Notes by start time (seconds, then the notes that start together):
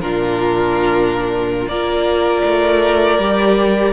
0.00 A#2 D4 F4 A#4
1.67 A#3 F4 A#4 D5
2.44 A3
3.18 G3 G4